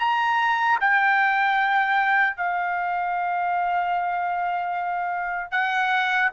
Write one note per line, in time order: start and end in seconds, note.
0.00 0.79 A#5
0.81 2.37 G5
2.37 5.52 F5
5.52 6.31 F#5